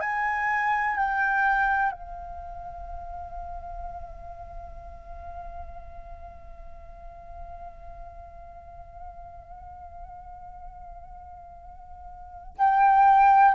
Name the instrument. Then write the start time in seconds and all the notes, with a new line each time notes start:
flute
0.00 G#5
0.96 G5
1.92 F5
12.58 G5